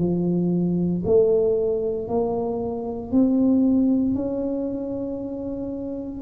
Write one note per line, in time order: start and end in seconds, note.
0.00 1.03 F3
1.06 2.08 A3
2.08 3.12 A#3
3.12 4.15 C4
4.15 6.22 C#4